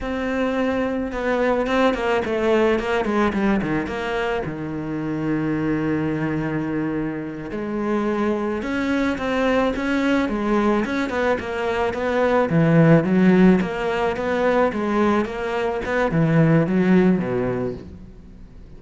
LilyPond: \new Staff \with { instrumentName = "cello" } { \time 4/4 \tempo 4 = 108 c'2 b4 c'8 ais8 | a4 ais8 gis8 g8 dis8 ais4 | dis1~ | dis4. gis2 cis'8~ |
cis'8 c'4 cis'4 gis4 cis'8 | b8 ais4 b4 e4 fis8~ | fis8 ais4 b4 gis4 ais8~ | ais8 b8 e4 fis4 b,4 | }